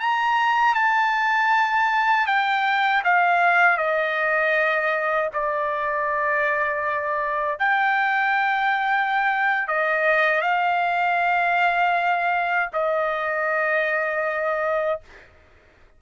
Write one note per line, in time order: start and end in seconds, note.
0.00 0.75 A#5
0.75 2.27 A5
2.27 3.03 G5
3.04 3.78 F5
3.78 5.30 D#5
5.34 7.59 D5
7.59 9.68 G5
9.68 10.42 D#5
10.42 12.70 F5
12.73 15.01 D#5